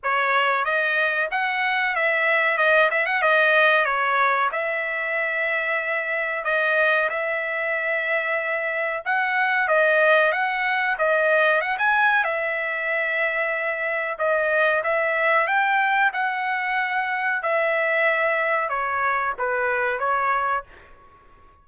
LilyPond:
\new Staff \with { instrumentName = "trumpet" } { \time 4/4 \tempo 4 = 93 cis''4 dis''4 fis''4 e''4 | dis''8 e''16 fis''16 dis''4 cis''4 e''4~ | e''2 dis''4 e''4~ | e''2 fis''4 dis''4 |
fis''4 dis''4 fis''16 gis''8. e''4~ | e''2 dis''4 e''4 | g''4 fis''2 e''4~ | e''4 cis''4 b'4 cis''4 | }